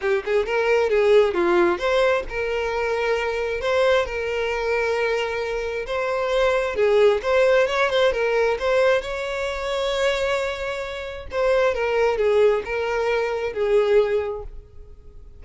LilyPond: \new Staff \with { instrumentName = "violin" } { \time 4/4 \tempo 4 = 133 g'8 gis'8 ais'4 gis'4 f'4 | c''4 ais'2. | c''4 ais'2.~ | ais'4 c''2 gis'4 |
c''4 cis''8 c''8 ais'4 c''4 | cis''1~ | cis''4 c''4 ais'4 gis'4 | ais'2 gis'2 | }